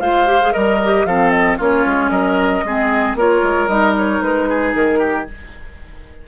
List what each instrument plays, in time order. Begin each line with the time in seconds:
0.00 bassoon G#3, clarinet F4, oboe C5, flute F5
0.26 clarinet G4
0.41 clarinet G#4
0.52 bassoon G3, clarinet A#4, oboe A#4, flute D#5
0.84 clarinet G4
1.05 bassoon F3, clarinet C4, oboe A4, flute F5
1.30 flute D#5
1.58 bassoon A#3, clarinet C#4, oboe F4, flute C#5
1.86 bassoon G#3
2.10 bassoon F#3, oboe A#4, flute D#5
2.64 bassoon G#3, clarinet C4, oboe G#4
3.15 bassoon A#3, clarinet F4, oboe A#4, flute C#5
3.42 bassoon G#3
3.68 bassoon G3, clarinet D#4, flute D#5
3.97 flute C#5
4.21 bassoon G#3, flute B4
4.49 oboe G#4
4.74 bassoon D#3, flute A#4
4.99 oboe G4